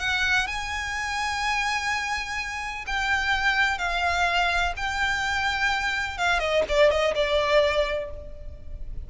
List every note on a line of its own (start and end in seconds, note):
0.00 0.47 F#5
0.47 2.85 G#5
2.87 3.79 G5
3.79 4.74 F5
4.77 6.18 G5
6.18 6.40 F5
6.40 6.64 D#5
6.69 6.91 D5
6.91 7.15 D#5
7.16 8.11 D5